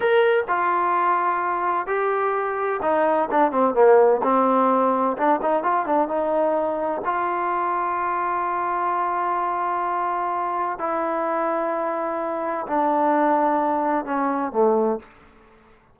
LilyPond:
\new Staff \with { instrumentName = "trombone" } { \time 4/4 \tempo 4 = 128 ais'4 f'2. | g'2 dis'4 d'8 c'8 | ais4 c'2 d'8 dis'8 | f'8 d'8 dis'2 f'4~ |
f'1~ | f'2. e'4~ | e'2. d'4~ | d'2 cis'4 a4 | }